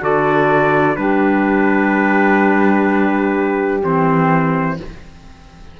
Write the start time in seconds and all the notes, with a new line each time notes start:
0.00 D3 F#4 A4 D5
0.95 G3 D4 G4 B4
3.82 E3 C4 C5